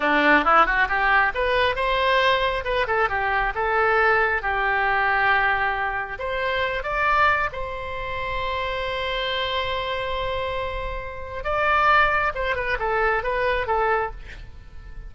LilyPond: \new Staff \with { instrumentName = "oboe" } { \time 4/4 \tempo 4 = 136 d'4 e'8 fis'8 g'4 b'4 | c''2 b'8 a'8 g'4 | a'2 g'2~ | g'2 c''4. d''8~ |
d''4 c''2.~ | c''1~ | c''2 d''2 | c''8 b'8 a'4 b'4 a'4 | }